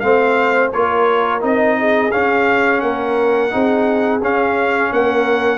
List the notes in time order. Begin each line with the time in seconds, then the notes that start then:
0.00 A3 C4 C5 F5
0.72 A#3 F4 A#4 C#5
1.40 C4 D#4 D#5
1.78 G#4
2.11 C#4 F5
2.80 A#3 A#4 F#5
3.50 C4 D#4 G#4
4.21 C#4 F5
4.92 A#3 A#4 F#5